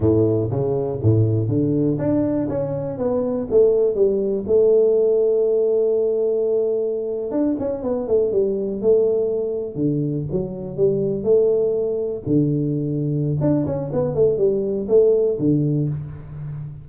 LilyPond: \new Staff \with { instrumentName = "tuba" } { \time 4/4 \tempo 4 = 121 a,4 cis4 a,4 d4 | d'4 cis'4 b4 a4 | g4 a2.~ | a2~ a8. d'8 cis'8 b16~ |
b16 a8 g4 a2 d16~ | d8. fis4 g4 a4~ a16~ | a8. d2~ d16 d'8 cis'8 | b8 a8 g4 a4 d4 | }